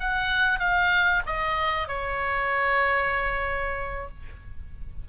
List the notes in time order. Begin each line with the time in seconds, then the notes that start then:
0.00 F#5
0.59 F5
1.26 D#5
1.88 C#5